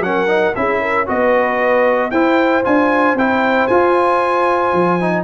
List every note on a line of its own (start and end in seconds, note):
0.00 0.52 F#3
0.00 0.28 C#4
0.00 0.58 A#4
0.00 0.55 F#5
0.28 0.54 D#4
0.55 1.09 C#4
0.55 1.07 E4
0.55 0.81 G#4
0.55 1.08 E5
0.81 1.07 A#4
1.07 2.12 B3
1.07 2.11 F#4
1.07 2.12 B4
1.07 2.11 D#5
2.11 2.64 E4
2.11 5.24 C5
2.11 2.63 G5
2.64 3.15 D4
2.64 3.16 F4
2.64 3.17 G#5
3.15 3.67 C4
3.15 3.71 E4
3.15 3.67 G5
3.67 4.73 F4
3.67 5.01 F4
3.67 5.24 G#5
4.73 5.24 F3
5.01 5.24 D#4